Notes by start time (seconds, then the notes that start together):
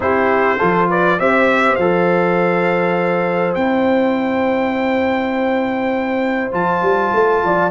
0.00 C4 E4 G4 C5
0.58 F3 F4 A4
0.89 B4 D5
1.19 C4 G4 C5 E5
1.75 F3 A4 F5
3.54 C4 E4 G5
6.51 F3 F4 A5
6.81 G3
7.13 A3
7.42 F3 D5